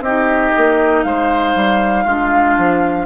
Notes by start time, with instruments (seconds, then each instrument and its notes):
0.00 bassoon C4, clarinet D#4, oboe G4, flute D#5
0.56 bassoon A#3
1.03 bassoon G#3, oboe C5, flute F5
1.55 bassoon G3
2.04 bassoon G#3, clarinet D4, oboe F4
2.57 bassoon F3